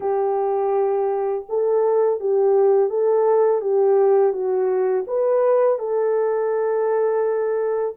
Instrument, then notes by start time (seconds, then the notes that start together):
horn
0.00 G4
1.49 A4
2.19 G4
2.89 A4
3.61 G4
4.32 F#4
5.07 B4
5.78 A4